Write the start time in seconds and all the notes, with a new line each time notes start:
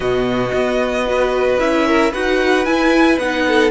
0.00 B2 B3 F#4 D#5
0.53 B3
1.06 F#4 B4
1.59 C#4 E4 E5
1.86 A#4
2.11 D#4 F#4 B4 F#5
2.65 E4 G#5
3.18 B3 D#4 F#5
3.47 A4